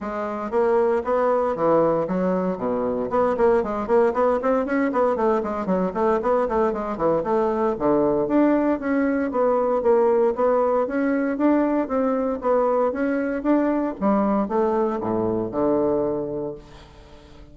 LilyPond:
\new Staff \with { instrumentName = "bassoon" } { \time 4/4 \tempo 4 = 116 gis4 ais4 b4 e4 | fis4 b,4 b8 ais8 gis8 ais8 | b8 c'8 cis'8 b8 a8 gis8 fis8 a8 | b8 a8 gis8 e8 a4 d4 |
d'4 cis'4 b4 ais4 | b4 cis'4 d'4 c'4 | b4 cis'4 d'4 g4 | a4 a,4 d2 | }